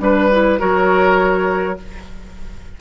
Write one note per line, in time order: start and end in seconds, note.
0.00 0.60 G3
0.00 0.30 D4
0.00 0.60 B4
0.31 0.58 E4
0.58 1.81 F#3
0.58 1.77 F#4
0.58 1.78 A#4
0.58 1.79 C#5